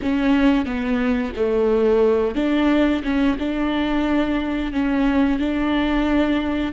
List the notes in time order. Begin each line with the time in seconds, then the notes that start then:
0.02 C#4
0.65 B3
1.35 A3
2.35 D4
3.03 C#4
3.38 D4
4.72 C#4
5.39 D4